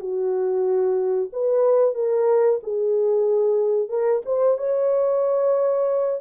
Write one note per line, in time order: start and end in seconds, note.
0.00 1.30 F#4
1.33 1.95 B4
1.95 2.60 A#4
2.63 3.90 G#4
3.90 4.22 A#4
4.26 4.58 C5
4.58 6.21 C#5